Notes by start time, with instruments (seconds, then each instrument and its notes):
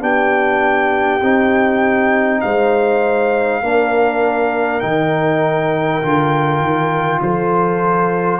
0.00 tuba B3, trombone D4, horn G4, trumpet G5
1.22 tuba C4, trombone D#4
2.41 tuba G#3, horn C5, trumpet F5
3.62 tuba A#3, trombone D4, horn A#4
4.80 tuba D#3, trombone D#4, trumpet G5
6.02 tuba D3, trombone F4
6.60 tuba D#3
7.22 tuba F3, horn A4, trumpet C5